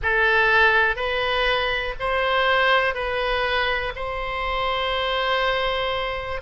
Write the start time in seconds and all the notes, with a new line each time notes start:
0.02 A4
0.96 B4
1.99 C5
2.94 B4
3.95 C5